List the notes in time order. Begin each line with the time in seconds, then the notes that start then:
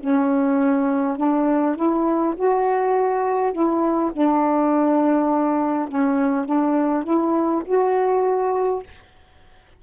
0.00 C#4
1.17 D4
1.76 E4
2.36 F#4
3.53 E4
4.13 D4
5.89 C#4
6.46 D4
7.04 E4
7.65 F#4